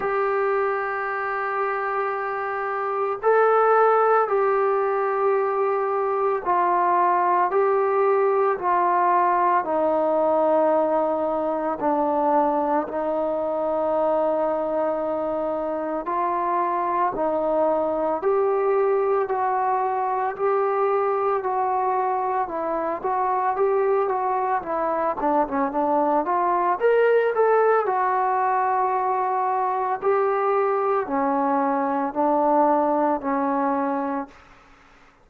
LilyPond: \new Staff \with { instrumentName = "trombone" } { \time 4/4 \tempo 4 = 56 g'2. a'4 | g'2 f'4 g'4 | f'4 dis'2 d'4 | dis'2. f'4 |
dis'4 g'4 fis'4 g'4 | fis'4 e'8 fis'8 g'8 fis'8 e'8 d'16 cis'16 | d'8 f'8 ais'8 a'8 fis'2 | g'4 cis'4 d'4 cis'4 | }